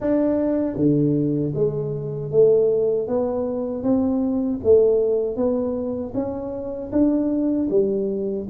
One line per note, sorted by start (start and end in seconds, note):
0.00 0.76 D4
0.76 1.52 D3
1.54 2.31 G#3
2.31 3.07 A3
3.07 3.83 B3
3.83 4.60 C4
4.63 5.36 A3
5.36 6.13 B3
6.14 6.91 C#4
6.92 7.69 D4
7.70 8.47 G3